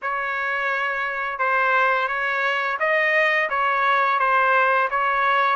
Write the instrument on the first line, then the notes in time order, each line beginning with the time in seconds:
trumpet
0.02 C#5
1.39 C5
2.07 C#5
2.79 D#5
3.49 C#5
4.19 C5
4.90 C#5